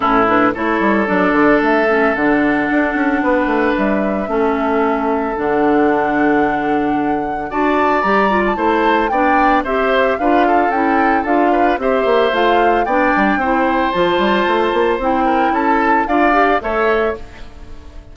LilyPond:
<<
  \new Staff \with { instrumentName = "flute" } { \time 4/4 \tempo 4 = 112 a'8 b'8 cis''4 d''4 e''4 | fis''2. e''4~ | e''2 fis''2~ | fis''2 a''4 ais''8. a''16~ |
a''4 g''4 e''4 f''4 | g''4 f''4 e''4 f''4 | g''2 a''2 | g''4 a''4 f''4 e''4 | }
  \new Staff \with { instrumentName = "oboe" } { \time 4/4 e'4 a'2.~ | a'2 b'2 | a'1~ | a'2 d''2 |
c''4 d''4 c''4 b'8 a'8~ | a'4. b'8 c''2 | d''4 c''2.~ | c''8 ais'8 a'4 d''4 cis''4 | }
  \new Staff \with { instrumentName = "clarinet" } { \time 4/4 cis'8 d'8 e'4 d'4. cis'8 | d'1 | cis'2 d'2~ | d'2 fis'4 g'8 f'8 |
e'4 d'4 g'4 f'4 | e'4 f'4 g'4 f'4 | d'4 e'4 f'2 | e'2 f'8 g'8 a'4 | }
  \new Staff \with { instrumentName = "bassoon" } { \time 4/4 a,4 a8 g8 fis8 d8 a4 | d4 d'8 cis'8 b8 a8 g4 | a2 d2~ | d2 d'4 g4 |
a4 b4 c'4 d'4 | cis'4 d'4 c'8 ais8 a4 | b8 g8 c'4 f8 g8 a8 ais8 | c'4 cis'4 d'4 a4 | }
>>